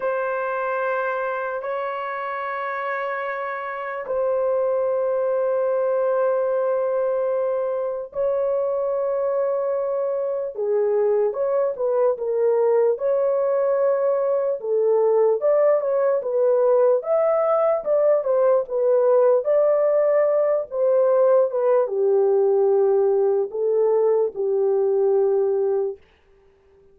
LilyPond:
\new Staff \with { instrumentName = "horn" } { \time 4/4 \tempo 4 = 74 c''2 cis''2~ | cis''4 c''2.~ | c''2 cis''2~ | cis''4 gis'4 cis''8 b'8 ais'4 |
cis''2 a'4 d''8 cis''8 | b'4 e''4 d''8 c''8 b'4 | d''4. c''4 b'8 g'4~ | g'4 a'4 g'2 | }